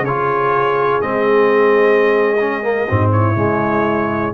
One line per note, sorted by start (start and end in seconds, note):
0.00 0.98 C#3
0.00 2.86 G#4
0.00 1.01 C#5
0.07 1.02 F4
1.01 2.86 G#3
1.01 2.37 C4
1.01 3.10 D#5
2.40 2.62 C#4
2.62 2.87 A#3
2.86 3.36 G#2
2.86 3.35 C4
2.86 3.11 F#4
3.11 4.34 E4
3.11 4.34 C#5
3.35 4.34 C#3
3.35 4.34 G#3